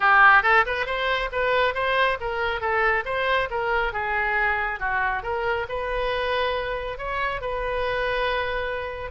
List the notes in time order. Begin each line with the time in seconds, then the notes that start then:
0.00 G4
0.42 A4
0.66 B4
0.86 C5
1.32 B4
1.74 C5
2.20 A#4
2.60 A4
3.05 C5
3.50 A#4
3.92 G#4
4.79 F#4
5.22 A#4
5.68 B4
6.98 C#5
7.41 B4